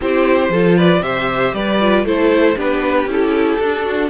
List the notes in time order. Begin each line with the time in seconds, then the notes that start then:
0.00 C4 E4 G4 C5
0.49 F3 F4 A4
0.76 B4 D5
1.01 C3 G4 C5 E5
1.53 G3 B4 D5
1.80 F4
2.04 A3 E4 A4 C5
2.55 B3 D4 G4 B4
3.05 C#4 E4 A4
3.58 D4
3.84 F#4